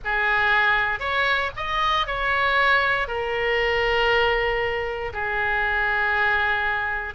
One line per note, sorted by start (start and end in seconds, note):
0.04 0.99 G#4
0.99 1.50 C#5
1.56 2.07 D#5
2.07 3.07 C#5
3.07 5.12 A#4
5.13 7.14 G#4